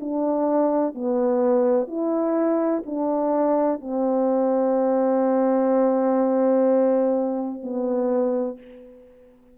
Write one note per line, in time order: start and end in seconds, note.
0.00 0.94 D4
0.94 1.87 B3
1.87 2.83 E4
2.86 3.81 D4
3.81 7.61 C4
7.63 8.58 B3